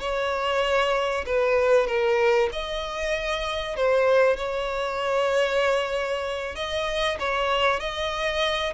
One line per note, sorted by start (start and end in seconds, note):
0.00 1.25 C#5
1.26 1.87 B4
1.87 2.50 A#4
2.52 3.76 D#5
3.76 4.37 C5
4.37 6.55 C#5
6.55 7.18 D#5
7.20 7.80 C#5
7.80 8.74 D#5